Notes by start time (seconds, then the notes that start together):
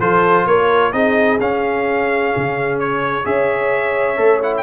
0.00 F3 F4 A4 C5
0.47 A#3 A#4 C#5
0.93 C4 D#4 G#4 D#5
1.41 C#4 F5
2.37 C#3
2.80 C#5
3.25 C#4 G#4 C#5 E5
4.17 A3 A4
4.43 E4 F#5
4.57 G5